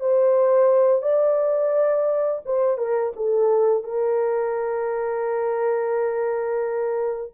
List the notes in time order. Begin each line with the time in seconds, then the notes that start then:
0.00 C5
1.02 D5
2.45 C5
2.77 A#4
3.16 A4
3.84 A#4